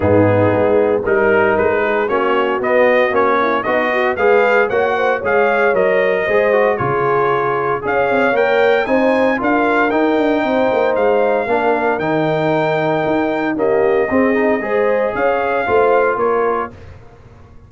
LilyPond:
<<
  \new Staff \with { instrumentName = "trumpet" } { \time 4/4 \tempo 4 = 115 gis'2 ais'4 b'4 | cis''4 dis''4 cis''4 dis''4 | f''4 fis''4 f''4 dis''4~ | dis''4 cis''2 f''4 |
g''4 gis''4 f''4 g''4~ | g''4 f''2 g''4~ | g''2 dis''2~ | dis''4 f''2 cis''4 | }
  \new Staff \with { instrumentName = "horn" } { \time 4/4 dis'2 ais'4. gis'8 | fis'2~ fis'8 e'8 dis'8 fis'8 | b'4 cis''8 c''8 cis''2 | c''4 gis'2 cis''4~ |
cis''4 c''4 ais'2 | c''2 ais'2~ | ais'2 g'4 gis'4 | c''4 cis''4 c''4 ais'4 | }
  \new Staff \with { instrumentName = "trombone" } { \time 4/4 b2 dis'2 | cis'4 b4 cis'4 fis'4 | gis'4 fis'4 gis'4 ais'4 | gis'8 fis'8 f'2 gis'4 |
ais'4 dis'4 f'4 dis'4~ | dis'2 d'4 dis'4~ | dis'2 ais4 c'8 dis'8 | gis'2 f'2 | }
  \new Staff \with { instrumentName = "tuba" } { \time 4/4 gis,4 gis4 g4 gis4 | ais4 b4 ais4 b4 | gis4 ais4 gis4 fis4 | gis4 cis2 cis'8 c'8 |
ais4 c'4 d'4 dis'8 d'8 | c'8 ais8 gis4 ais4 dis4~ | dis4 dis'4 cis'4 c'4 | gis4 cis'4 a4 ais4 | }
>>